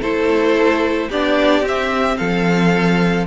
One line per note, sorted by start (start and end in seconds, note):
0.00 1.08 A3
0.00 1.10 E4
0.00 1.09 A4
0.00 1.10 C5
1.09 1.61 B3
1.09 1.63 D4
1.09 2.17 G4
1.09 1.65 D5
1.61 2.15 C4
1.61 3.26 C4
1.68 2.17 E5
2.17 3.26 F3
2.17 3.26 A4
2.17 3.25 F5